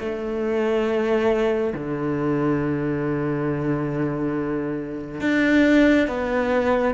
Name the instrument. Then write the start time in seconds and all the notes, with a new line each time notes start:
cello
0.00 A3
1.75 D3
5.21 D4
6.08 B3